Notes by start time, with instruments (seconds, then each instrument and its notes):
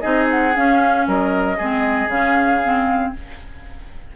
0.00 bassoon C4, clarinet D#4, oboe G#4, flute D#5
0.30 flute F#5
0.55 clarinet C#4, bassoon C#4, flute F5
1.07 bassoon F#3, oboe A#4, flute D#5
1.57 bassoon G#3, clarinet C4, oboe G#4
2.07 bassoon C#3, clarinet C#4, flute F5
2.64 clarinet C4